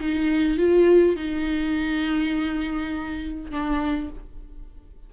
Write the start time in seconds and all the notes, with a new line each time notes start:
0.00 D#4
0.58 F4
1.16 D#4
3.51 D4